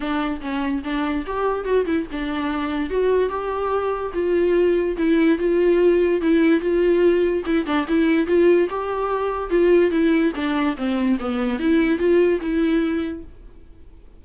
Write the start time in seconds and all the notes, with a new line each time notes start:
0.00 D4
0.41 C#4
0.84 D4
1.26 G4
1.64 F#4
1.85 E4
2.11 D4
2.90 F#4
3.29 G4
4.13 F4
4.97 E4
5.38 F4
6.21 E4
6.60 F4
7.45 E4
7.66 D4
7.87 E4
8.26 F4
8.69 G4
9.50 F4
9.90 E4
10.35 D4
10.76 C4
11.19 B3
11.59 E4
11.98 F4
12.41 E4